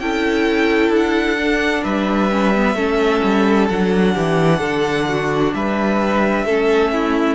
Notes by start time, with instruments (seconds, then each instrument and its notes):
0.00 cello C#4, viola E4, violin A4 G5
0.90 cello D4
0.96 violin F#5
1.38 viola D4
1.84 cello G3, violin B4 E5
2.31 viola C#4
2.55 viola B3
2.75 cello A3, viola C#4, violin A4
3.24 cello G3
3.69 cello F#3, viola D4, violin F#5
4.15 cello E3, violin G4
4.59 cello D3, violin A4
5.09 violin F#4
5.54 cello G3, violin B4 E5
6.46 cello A3, viola C#4, violin A4
6.92 violin E4